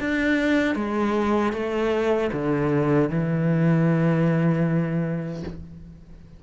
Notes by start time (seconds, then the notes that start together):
0.00 D4
0.75 G#3
1.53 A3
2.32 D3
3.10 E3